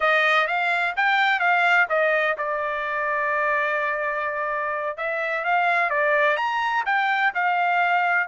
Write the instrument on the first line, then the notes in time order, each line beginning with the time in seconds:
trumpet
0.00 D#5
0.47 F5
0.96 G5
1.39 F5
1.89 D#5
2.37 D5
4.97 E5
5.44 F5
5.89 D5
6.37 A#5
6.85 G5
7.34 F5